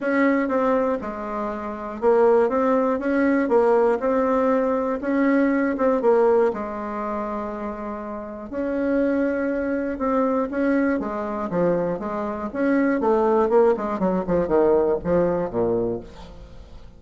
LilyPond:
\new Staff \with { instrumentName = "bassoon" } { \time 4/4 \tempo 4 = 120 cis'4 c'4 gis2 | ais4 c'4 cis'4 ais4 | c'2 cis'4. c'8 | ais4 gis2.~ |
gis4 cis'2. | c'4 cis'4 gis4 f4 | gis4 cis'4 a4 ais8 gis8 | fis8 f8 dis4 f4 ais,4 | }